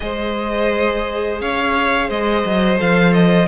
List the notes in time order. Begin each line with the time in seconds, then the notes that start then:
0.00 G#3 G#4 C5 D#5
1.41 C#4 C#5 F5
2.08 G#3 C5 D#5
2.45 F#3
2.77 F3 A4 F5
3.13 D#5